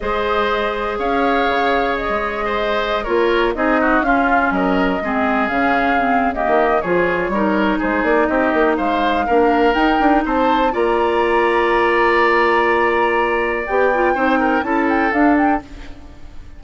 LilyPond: <<
  \new Staff \with { instrumentName = "flute" } { \time 4/4 \tempo 4 = 123 dis''2 f''2 | dis''2~ dis''16 cis''4 dis''8.~ | dis''16 f''4 dis''2 f''8.~ | f''4 dis''4 cis''2 |
c''8 d''8 dis''4 f''2 | g''4 a''4 ais''2~ | ais''1 | g''2 a''8 g''8 f''8 g''8 | }
  \new Staff \with { instrumentName = "oboe" } { \time 4/4 c''2 cis''2~ | cis''4 c''4~ c''16 ais'4 gis'8 fis'16~ | fis'16 f'4 ais'4 gis'4.~ gis'16~ | gis'4 g'4 gis'4 ais'4 |
gis'4 g'4 c''4 ais'4~ | ais'4 c''4 d''2~ | d''1~ | d''4 c''8 ais'8 a'2 | }
  \new Staff \with { instrumentName = "clarinet" } { \time 4/4 gis'1~ | gis'2~ gis'16 f'4 dis'8.~ | dis'16 cis'2 c'4 cis'8.~ | cis'16 c'8. ais4 f'4 dis'4~ |
dis'2. d'4 | dis'2 f'2~ | f'1 | g'8 f'8 dis'4 e'4 d'4 | }
  \new Staff \with { instrumentName = "bassoon" } { \time 4/4 gis2 cis'4 cis4~ | cis16 gis2 ais4 c'8.~ | c'16 cis'4 fis4 gis4 cis8.~ | cis4~ cis16 dis8. f4 g4 |
gis8 ais8 c'8 ais8 gis4 ais4 | dis'8 d'8 c'4 ais2~ | ais1 | b4 c'4 cis'4 d'4 | }
>>